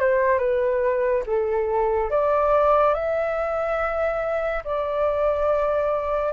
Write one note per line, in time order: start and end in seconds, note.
0.00 0.38 C5
0.38 1.23 B4
1.26 2.10 A4
2.10 2.94 D5
2.94 4.63 E5
4.64 6.32 D5